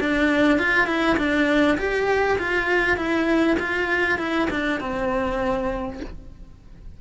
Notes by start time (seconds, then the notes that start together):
0.00 D4
0.58 F4
0.87 E4
1.17 D4
1.78 G4
2.38 F4
2.97 E4
3.59 F4
4.18 E4
4.50 D4
4.80 C4